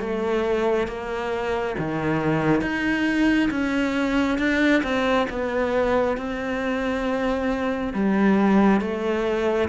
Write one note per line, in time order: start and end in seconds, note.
0.00 0.88 A3
0.88 1.76 A#3
1.79 2.62 D#3
2.62 3.50 D#4
3.51 4.39 C#4
4.39 4.83 D4
4.84 5.28 C4
5.30 6.18 B3
6.18 7.94 C4
7.94 8.81 G3
8.81 9.69 A3